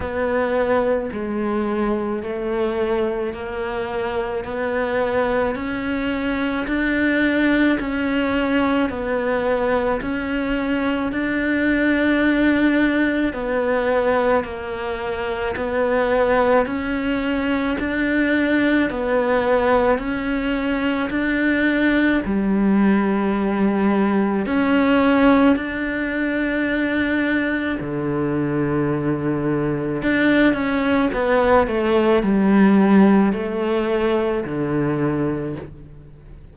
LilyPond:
\new Staff \with { instrumentName = "cello" } { \time 4/4 \tempo 4 = 54 b4 gis4 a4 ais4 | b4 cis'4 d'4 cis'4 | b4 cis'4 d'2 | b4 ais4 b4 cis'4 |
d'4 b4 cis'4 d'4 | g2 cis'4 d'4~ | d'4 d2 d'8 cis'8 | b8 a8 g4 a4 d4 | }